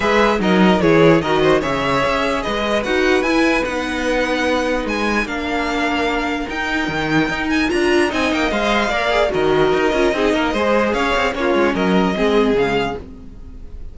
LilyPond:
<<
  \new Staff \with { instrumentName = "violin" } { \time 4/4 \tempo 4 = 148 e''4 dis''4 cis''4 dis''4 | e''2 dis''4 fis''4 | gis''4 fis''2. | gis''4 f''2. |
g''2~ g''8 gis''8 ais''4 | gis''8 g''8 f''2 dis''4~ | dis''2. f''4 | cis''4 dis''2 f''4 | }
  \new Staff \with { instrumentName = "violin" } { \time 4/4 b'4 ais'4 gis'4 ais'8 c''8 | cis''2 b'2~ | b'1~ | b'4 ais'2.~ |
ais'1 | dis''2 d''4 ais'4~ | ais'4 gis'8 ais'8 c''4 cis''4 | f'4 ais'4 gis'2 | }
  \new Staff \with { instrumentName = "viola" } { \time 4/4 gis'4 dis'4 e'4 fis'4 | gis'2. fis'4 | e'4 dis'2.~ | dis'4 d'2. |
dis'2. f'4 | dis'4 c''4 ais'8 gis'8 fis'4~ | fis'8 f'8 dis'4 gis'2 | cis'2 c'4 gis4 | }
  \new Staff \with { instrumentName = "cello" } { \time 4/4 gis4 fis4 e4 dis4 | cis4 cis'4 gis4 dis'4 | e'4 b2. | gis4 ais2. |
dis'4 dis4 dis'4 d'4 | c'8 ais8 gis4 ais4 dis4 | dis'8 cis'8 c'8 ais8 gis4 cis'8 c'8 | ais8 gis8 fis4 gis4 cis4 | }
>>